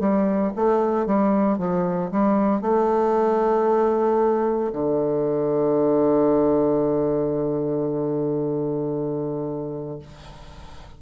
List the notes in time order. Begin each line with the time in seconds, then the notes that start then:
0.00 G3
0.56 A3
1.06 G3
1.58 F3
2.11 G3
2.62 A3
4.73 D3